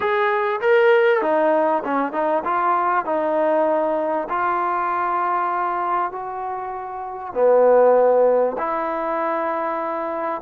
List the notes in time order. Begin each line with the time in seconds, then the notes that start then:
0.00 G#4
0.60 A#4
1.21 D#4
1.83 C#4
2.12 D#4
2.44 F4
3.05 D#4
4.29 F4
6.11 F#4
7.33 B3
8.57 E4